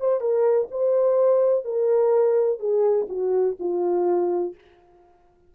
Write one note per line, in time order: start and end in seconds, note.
0.00 0.21 C5
0.21 0.68 A#4
0.71 1.65 C5
1.65 2.60 A#4
2.60 3.07 G#4
3.09 3.57 F#4
3.60 4.55 F4